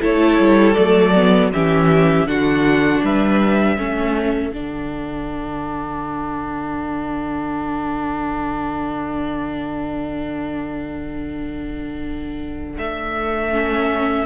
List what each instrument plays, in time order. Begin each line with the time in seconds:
0.00 cello A3, viola E4, violin A4 C#5
0.38 cello G3
0.74 cello F#3, viola A3, violin D5
1.15 viola B3
1.52 cello E3, viola C#4, violin G4 E5
2.26 cello D3, viola D4, violin F#4 F#5
3.03 cello G3, violin B4 E5
3.77 cello A3, viola C#4, violin A4
4.51 cello D3, viola D4, violin F#5
12.78 cello A3, violin E5
13.51 viola C#4